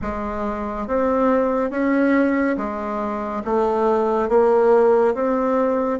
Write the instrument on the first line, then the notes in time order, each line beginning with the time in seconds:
bassoon
0.01 G#3
0.87 C4
1.70 C#4
2.57 G#3
3.44 A3
4.29 A#3
5.14 C4